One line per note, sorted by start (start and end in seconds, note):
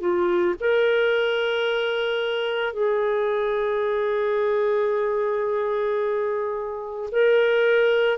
0.00 0.55 F4
0.60 2.73 A#4
2.73 7.10 G#4
7.12 8.18 A#4